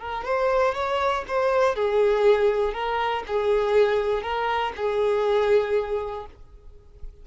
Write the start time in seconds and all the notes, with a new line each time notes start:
0.00 A#4
0.25 C5
0.75 C#5
1.28 C5
1.75 G#4
2.73 A#4
3.27 G#4
4.23 A#4
4.76 G#4